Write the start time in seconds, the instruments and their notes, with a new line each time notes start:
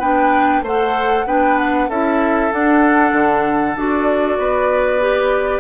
0.00 bassoon B3, clarinet D4, oboe B4, flute G5
0.62 bassoon A3, clarinet A4, oboe C5, flute F#5
1.26 bassoon B3, clarinet D4, oboe B4, flute G5
1.58 flute F#5
1.89 bassoon C#4, clarinet E4, oboe A4, flute E5
2.52 clarinet D4, bassoon D4, flute F#5
3.12 bassoon D3
3.76 bassoon D4, clarinet F#4, flute D5
4.39 bassoon B3, oboe B4
5.00 clarinet G4